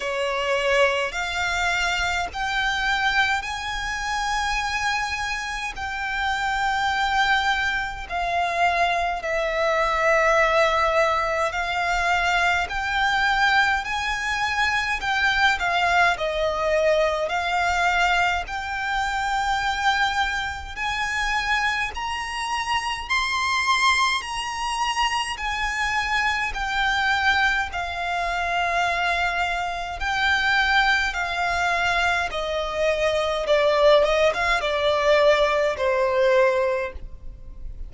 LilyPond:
\new Staff \with { instrumentName = "violin" } { \time 4/4 \tempo 4 = 52 cis''4 f''4 g''4 gis''4~ | gis''4 g''2 f''4 | e''2 f''4 g''4 | gis''4 g''8 f''8 dis''4 f''4 |
g''2 gis''4 ais''4 | c'''4 ais''4 gis''4 g''4 | f''2 g''4 f''4 | dis''4 d''8 dis''16 f''16 d''4 c''4 | }